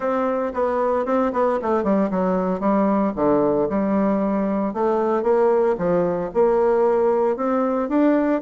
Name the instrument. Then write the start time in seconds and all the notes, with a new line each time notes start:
bassoon
0.00 C4
0.53 B3
1.05 C4
1.33 B3
1.62 A3
1.83 G3
2.10 F#3
2.59 G3
3.15 D3
3.69 G3
4.73 A3
5.22 A#3
5.78 F3
6.34 A#3
7.36 C4
7.89 D4